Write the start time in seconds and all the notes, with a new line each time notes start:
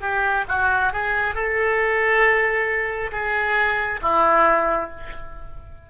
0.00 G4
0.48 F#4
0.92 G#4
1.34 A4
3.12 G#4
4.01 E4